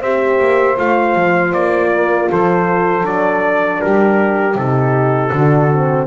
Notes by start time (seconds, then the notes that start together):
0.00 C4 G4 C5 E5
0.40 A#3
0.76 A3 F4 F5
1.15 F3
1.53 A#3 D5
1.92 A#4
2.29 F3 A4 C5
3.03 F#3 D4 D5
3.79 G3 G4 A#4
4.55 C3 D#4 A4
5.30 D3 D4 F#4
5.72 C4